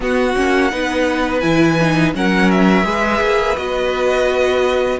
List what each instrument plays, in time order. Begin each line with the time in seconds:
0.00 viola B3, cello B3, violin F#4 F#5
0.35 cello A#3, viola C#4
0.71 cello B3, viola D#4, violin B4
1.40 cello E3, viola E4, violin G#5
1.81 viola D#4
2.14 cello F#3, viola C#4, violin A#4 F#5
2.51 violin E5
2.84 cello G#3, viola G#4, violin B4
3.21 cello A#3
3.56 cello B3, viola F#4, violin D#5